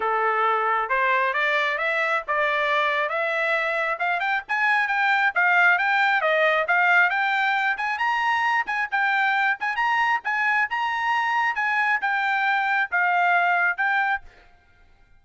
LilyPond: \new Staff \with { instrumentName = "trumpet" } { \time 4/4 \tempo 4 = 135 a'2 c''4 d''4 | e''4 d''2 e''4~ | e''4 f''8 g''8 gis''4 g''4 | f''4 g''4 dis''4 f''4 |
g''4. gis''8 ais''4. gis''8 | g''4. gis''8 ais''4 gis''4 | ais''2 gis''4 g''4~ | g''4 f''2 g''4 | }